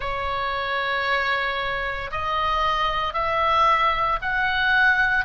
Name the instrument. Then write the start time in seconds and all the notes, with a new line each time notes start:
oboe
0.00 C#5
2.11 D#5
3.13 E5
4.21 F#5